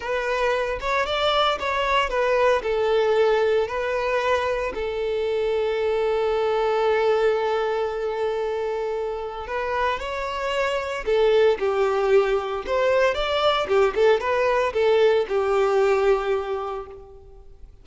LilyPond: \new Staff \with { instrumentName = "violin" } { \time 4/4 \tempo 4 = 114 b'4. cis''8 d''4 cis''4 | b'4 a'2 b'4~ | b'4 a'2.~ | a'1~ |
a'2 b'4 cis''4~ | cis''4 a'4 g'2 | c''4 d''4 g'8 a'8 b'4 | a'4 g'2. | }